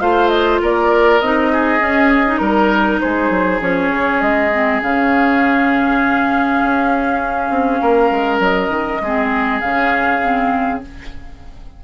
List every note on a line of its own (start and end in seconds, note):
0.00 0.61 A3
0.00 1.21 F4
0.00 0.61 C5
0.00 0.29 F5
0.29 0.59 D#5
0.62 1.21 A#3
0.62 1.52 A#4
0.62 1.20 D5
1.20 1.81 C4
1.20 1.80 D#4
1.20 2.38 D#5
1.52 2.40 G#4
1.80 2.25 C#4
1.80 2.40 C#4
2.27 3.61 D#4
2.38 3.00 G3
2.38 2.98 A#4
2.38 3.00 A#4
3.01 3.30 G#3
3.01 7.82 G#4
3.01 3.61 C5
3.30 3.60 F#3
3.61 3.90 F3
3.61 4.51 C#4
3.61 4.21 C#5
3.90 4.20 C#3
4.21 4.81 G#3
4.21 4.81 D#5
4.52 4.82 C4
4.82 6.63 C#3
4.82 9.02 C#4
4.82 8.42 F5
6.64 7.50 C#4
7.50 7.80 C4
7.81 8.11 A#3
7.81 9.02 A#4
8.11 8.39 G#3
8.39 8.69 F#3
8.39 9.60 D#5
8.69 8.99 D#3
9.01 9.61 G#3
9.01 9.63 C4
9.01 10.84 G#4
9.60 10.83 C#3
9.60 10.22 C#4
9.60 10.80 F5
10.22 10.82 C4